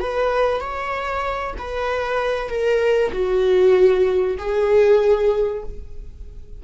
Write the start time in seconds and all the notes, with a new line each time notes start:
0.00 B4
0.61 C#5
1.58 B4
2.49 A#4
3.12 F#4
4.38 G#4